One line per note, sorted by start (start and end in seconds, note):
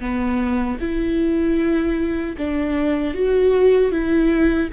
0.00 0.78 B3
0.80 2.36 E4
2.37 3.15 D4
3.15 3.91 F#4
3.91 4.69 E4